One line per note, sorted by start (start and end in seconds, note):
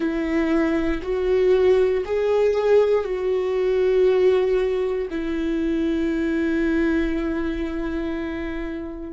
0.00 1.01 E4
1.02 2.03 F#4
2.05 3.04 G#4
3.04 5.08 F#4
5.10 9.13 E4